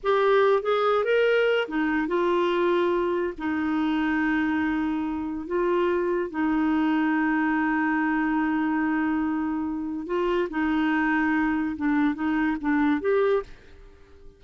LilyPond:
\new Staff \with { instrumentName = "clarinet" } { \time 4/4 \tempo 4 = 143 g'4. gis'4 ais'4. | dis'4 f'2. | dis'1~ | dis'4 f'2 dis'4~ |
dis'1~ | dis'1 | f'4 dis'2. | d'4 dis'4 d'4 g'4 | }